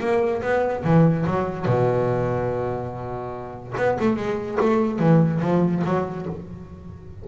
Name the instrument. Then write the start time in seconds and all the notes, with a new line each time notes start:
double bass
0.00 A#3
0.42 B3
0.84 E3
1.26 F#3
1.66 B2
3.77 B3
3.99 A3
4.16 G#3
4.60 A3
4.99 E3
5.41 F3
5.84 F#3